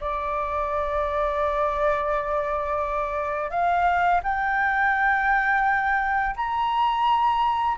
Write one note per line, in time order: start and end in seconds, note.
0.00 3.50 D5
3.50 4.21 F5
4.23 6.35 G5
6.36 7.77 A#5